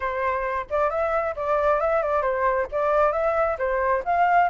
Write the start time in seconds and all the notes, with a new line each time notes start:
0.00 C5
0.70 D5
0.90 E5
1.36 D5
1.80 E5
2.02 D5
2.22 C5
2.71 D5
3.12 E5
3.58 C5
4.04 F5